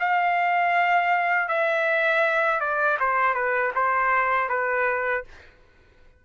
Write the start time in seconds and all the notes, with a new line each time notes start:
0.00 F5
1.48 E5
2.60 D5
3.00 C5
3.34 B4
3.75 C5
4.49 B4